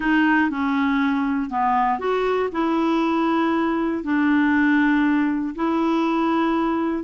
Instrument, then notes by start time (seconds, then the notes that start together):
clarinet
0.00 D#4
0.50 C#4
1.50 B3
1.99 F#4
2.52 E4
4.03 D4
5.55 E4